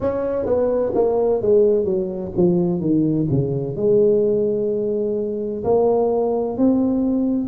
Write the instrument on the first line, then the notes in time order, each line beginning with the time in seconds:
tuba
0.00 C#4
0.45 B3
0.94 A#3
1.41 G#3
1.85 F#3
2.36 F3
2.80 D#3
3.30 C#3
3.75 G#3
5.64 A#3
6.57 C4